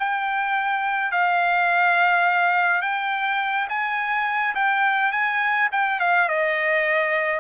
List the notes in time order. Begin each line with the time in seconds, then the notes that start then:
0.00 G5
1.12 F5
2.82 G5
3.70 G#5
4.55 G5
5.12 G#5
5.72 G5
6.00 F5
6.29 D#5